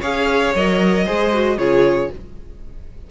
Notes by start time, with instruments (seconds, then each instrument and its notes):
0.00 cello C#4, viola G#4, violin C#5 F5
0.54 cello F#3, viola A#4, violin D#5
1.05 cello G#3, viola G#4, violin C5
1.33 viola F#4
1.57 cello C#3, viola F4, violin G#4 C#5